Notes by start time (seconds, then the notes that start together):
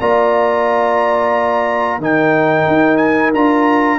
0.00 A#3 F4 D5 A#5
1.98 D#3 D#4 A#4 G5
2.67 D#4
2.97 G#5
3.34 D4 F4 A#5